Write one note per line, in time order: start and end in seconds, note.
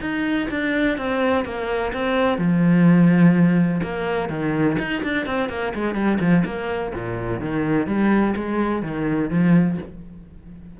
0.00 0.48 D#4
0.50 0.97 D4
0.97 1.45 C4
1.45 1.92 A#3
1.93 2.38 C4
2.38 3.81 F3
3.83 4.29 A#3
4.29 4.77 D#3
4.78 5.02 D#4
5.03 5.26 D4
5.26 5.49 C4
5.49 5.73 A#3
5.74 5.95 G#3
5.95 6.18 G3
6.19 6.43 F3
6.45 6.93 A#3
6.94 7.40 A#2
7.40 7.87 D#3
7.87 8.34 G3
8.35 8.82 G#3
8.82 9.30 D#3
9.30 9.77 F3